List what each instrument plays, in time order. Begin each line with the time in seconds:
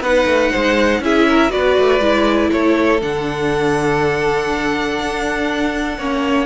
0.00 cello B3, viola D#4, violin B4 F#5
0.26 cello A3
0.51 cello G#3, violin C5
0.99 cello C#4, viola E4, violin G#4 E5
1.28 violin A#4
1.49 cello B3, viola F#4, violin B4 D5
1.78 cello A3
1.99 cello G#3, viola E4
2.51 cello A3, violin A4 C#5
3.01 cello D3, viola D4, violin F#5
5.00 cello D4
5.98 cello A#3, viola C#4, violin C#5